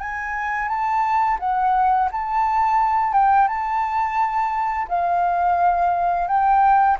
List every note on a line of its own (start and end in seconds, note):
0.00 0.68 G#5
0.68 1.38 A5
1.40 2.09 F#5
2.12 3.13 A5
3.13 3.48 G5
3.48 4.87 A5
4.88 6.28 F5
6.28 6.97 G5